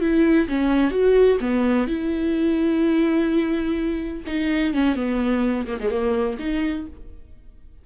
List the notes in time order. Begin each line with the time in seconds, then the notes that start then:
0.00 E4
0.48 C#4
0.91 F#4
1.40 B3
1.87 E4
4.26 D#4
4.74 C#4
4.95 B3
5.66 A#3
5.80 G#3
5.90 A#3
6.39 D#4